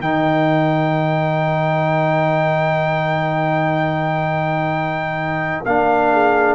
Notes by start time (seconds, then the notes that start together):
0.00 D#3 D#4 A#4 G5
5.65 A#3 D4 F5
6.12 G#4